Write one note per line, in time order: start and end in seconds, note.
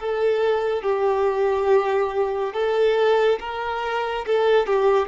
0.00 0.83 A4
0.83 2.54 G4
2.54 3.39 A4
3.40 4.26 A#4
4.26 4.67 A4
4.67 5.08 G4